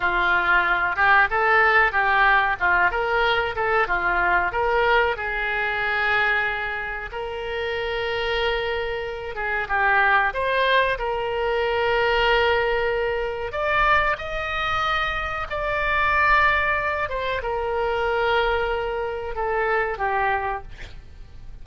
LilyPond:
\new Staff \with { instrumentName = "oboe" } { \time 4/4 \tempo 4 = 93 f'4. g'8 a'4 g'4 | f'8 ais'4 a'8 f'4 ais'4 | gis'2. ais'4~ | ais'2~ ais'8 gis'8 g'4 |
c''4 ais'2.~ | ais'4 d''4 dis''2 | d''2~ d''8 c''8 ais'4~ | ais'2 a'4 g'4 | }